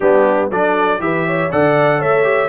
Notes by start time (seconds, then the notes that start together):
0.00 G3 B3 D4 G4
0.49 F#3 D4 A4 D5
0.99 E3 G4 B4 E5
1.26 C#5
1.51 D3 A4 D5 F#5
1.99 A3 C#5 E5
2.23 G4